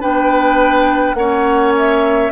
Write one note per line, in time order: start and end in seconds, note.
0.00 1.14 B3
0.00 1.15 D4
0.00 1.16 B4
0.00 1.14 G5
1.14 2.29 A#3
1.14 2.32 C#4
1.14 2.32 C#5
1.14 1.72 F#5
1.77 2.32 E5